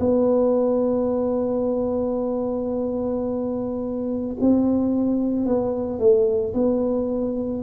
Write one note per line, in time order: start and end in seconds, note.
0.00 4.36 B3
4.40 5.46 C4
5.46 5.99 B3
5.99 6.54 A3
6.54 7.63 B3